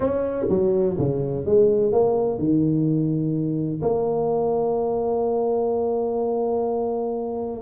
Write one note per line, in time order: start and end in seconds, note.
0.00 0.46 C#4
0.49 0.97 F#3
0.98 1.45 C#3
1.45 1.92 G#3
1.92 2.38 A#3
2.38 3.81 D#3
3.82 7.62 A#3